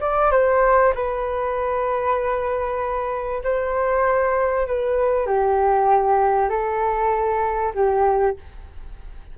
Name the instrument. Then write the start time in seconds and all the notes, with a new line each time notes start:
flute
0.00 D5
0.31 C5
0.95 B4
3.43 C5
4.67 B4
5.26 G4
6.49 A4
7.74 G4